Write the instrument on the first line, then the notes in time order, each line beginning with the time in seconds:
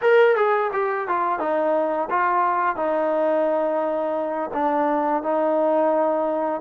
trombone
0.01 A#4
0.36 G#4
0.73 G4
1.08 F4
1.39 D#4
2.10 F4
2.76 D#4
4.53 D4
5.22 D#4